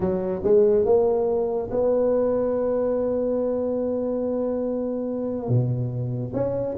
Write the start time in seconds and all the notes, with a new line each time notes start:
0.00 F#3
0.43 G#3
0.85 A#3
1.70 B3
5.48 B2
6.33 C#4